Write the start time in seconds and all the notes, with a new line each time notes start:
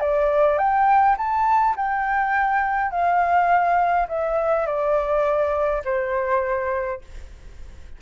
0.00 D5
0.58 G5
1.17 A5
1.76 G5
2.91 F5
4.08 E5
4.66 D5
5.85 C5